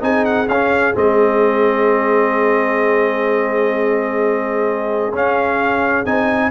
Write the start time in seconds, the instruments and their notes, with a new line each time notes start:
0.00 tuba C4, trombone D#4, horn G#4, trumpet G#5
0.25 trumpet F#5
0.48 tuba C#4, trombone C#4, trumpet F5
0.93 tuba G#3, trombone C4, trumpet D#5
5.12 tuba C#4, trombone C#4, trumpet F5
6.05 tuba C4, trombone D#4, trumpet G#5